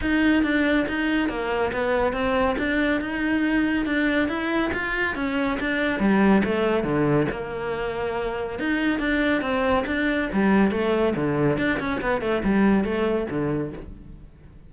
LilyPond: \new Staff \with { instrumentName = "cello" } { \time 4/4 \tempo 4 = 140 dis'4 d'4 dis'4 ais4 | b4 c'4 d'4 dis'4~ | dis'4 d'4 e'4 f'4 | cis'4 d'4 g4 a4 |
d4 ais2. | dis'4 d'4 c'4 d'4 | g4 a4 d4 d'8 cis'8 | b8 a8 g4 a4 d4 | }